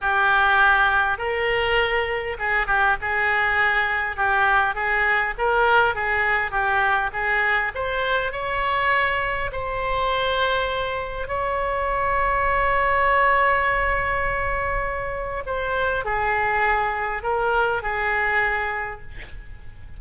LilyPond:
\new Staff \with { instrumentName = "oboe" } { \time 4/4 \tempo 4 = 101 g'2 ais'2 | gis'8 g'8 gis'2 g'4 | gis'4 ais'4 gis'4 g'4 | gis'4 c''4 cis''2 |
c''2. cis''4~ | cis''1~ | cis''2 c''4 gis'4~ | gis'4 ais'4 gis'2 | }